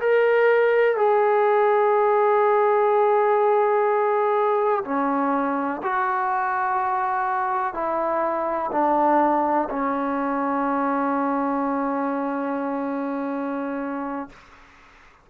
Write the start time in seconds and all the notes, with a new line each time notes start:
0.00 A#4
0.96 G#4
4.84 C#4
5.82 F#4
7.73 E4
8.71 D4
9.70 C#4